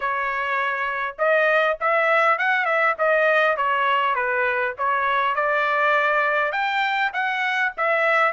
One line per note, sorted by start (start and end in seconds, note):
0.00 1.16 C#5
1.18 1.77 D#5
1.80 2.38 E5
2.38 2.65 F#5
2.65 2.95 E5
2.98 3.56 D#5
3.56 4.15 C#5
4.15 4.74 B4
4.77 5.35 C#5
5.35 6.52 D5
6.52 7.11 G5
7.13 7.72 F#5
7.77 8.32 E5